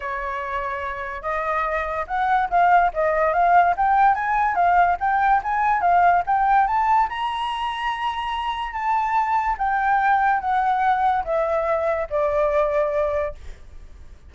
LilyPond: \new Staff \with { instrumentName = "flute" } { \time 4/4 \tempo 4 = 144 cis''2. dis''4~ | dis''4 fis''4 f''4 dis''4 | f''4 g''4 gis''4 f''4 | g''4 gis''4 f''4 g''4 |
a''4 ais''2.~ | ais''4 a''2 g''4~ | g''4 fis''2 e''4~ | e''4 d''2. | }